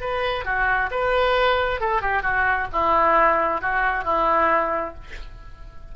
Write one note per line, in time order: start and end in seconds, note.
0.00 0.44 B4
0.44 0.90 F#4
0.90 1.80 B4
1.80 2.01 A4
2.01 2.22 G4
2.22 2.67 F#4
2.72 3.61 E4
3.61 4.04 F#4
4.04 4.94 E4